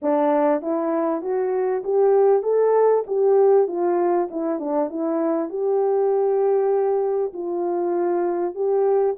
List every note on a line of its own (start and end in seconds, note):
0.02 0.61 D4
0.61 1.21 E4
1.21 1.83 F#4
1.84 2.42 G4
2.42 3.04 A4
3.06 3.67 G4
3.67 4.29 F4
4.30 4.59 E4
4.59 4.89 D4
4.89 5.49 E4
5.49 7.32 G4
7.33 8.54 F4
8.54 9.15 G4